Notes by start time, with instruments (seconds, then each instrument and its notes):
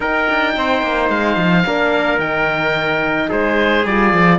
0.00 cello D#4, horn D#4, trumpet A#4, oboe G5
0.29 cello D4
0.56 cello C4, trumpet C5
0.82 cello A#3
1.09 cello G#3, oboe F5
1.36 cello F3
1.65 cello A#3, horn D4, trumpet A#4
2.18 cello D#3, horn D#4, oboe G5
3.28 cello G#3, trumpet G#4, oboe C5
3.85 cello G3, horn F4, oboe D5
4.12 cello F3